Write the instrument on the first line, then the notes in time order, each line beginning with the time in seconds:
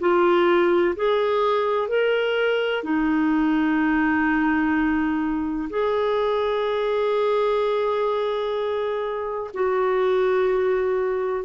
clarinet
0.00 F4
0.96 G#4
1.88 A#4
2.84 D#4
5.70 G#4
9.54 F#4